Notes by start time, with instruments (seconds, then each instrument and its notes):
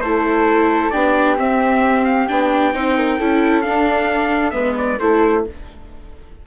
0.00 bassoon A3, viola E4, flute A4, trumpet C5
0.90 bassoon B3, viola D4, flute G4, trumpet D5
1.37 viola C4, bassoon C4, trumpet E5
2.05 trumpet F5
2.28 bassoon B3, viola D4, trumpet G5
2.73 bassoon C4, viola D#4, flute C5
2.96 flute A#4
3.19 bassoon C#4, viola E4, flute A4
3.61 viola D4, trumpet F5
3.68 bassoon D4
4.50 bassoon G#3, viola B3, flute B4, trumpet E5
4.77 trumpet D5
4.98 bassoon A3, viola E4, flute A4, trumpet C5